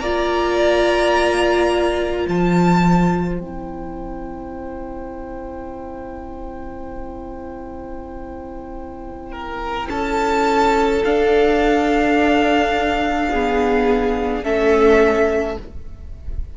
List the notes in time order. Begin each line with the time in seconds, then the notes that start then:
0.00 A#3 F4 D5 A#5
2.25 F3 C5 A5
3.39 C4 E4 G5
9.32 A#4
9.89 C#4 A4 A5
11.05 D4 F5
13.31 B3 G#4
14.43 A3 C#4 A4 E5